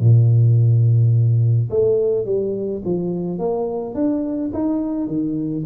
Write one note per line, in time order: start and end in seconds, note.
0.00 1.70 A#2
1.71 2.26 A3
2.26 2.82 G3
2.85 3.39 F3
3.39 3.95 A#3
3.95 4.51 D4
4.54 5.08 D#4
5.08 5.64 D#3